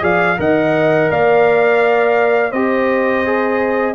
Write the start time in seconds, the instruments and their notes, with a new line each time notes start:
0.00 tuba F3, trombone G#4, horn D5, trumpet F5
0.37 tuba D#3, trombone A#4, horn D#5, trumpet F#5
1.11 tuba A#3, horn D5, trumpet F5
2.51 tuba C4, trombone G4, horn C5, trumpet D#5
3.25 trombone G#4